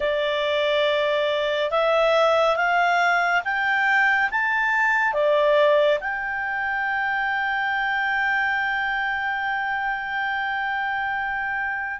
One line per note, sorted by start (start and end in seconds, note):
0.00 1.71 D5
1.71 2.56 E5
2.56 3.42 F5
3.44 4.30 G5
4.31 5.13 A5
5.13 5.98 D5
6.00 11.99 G5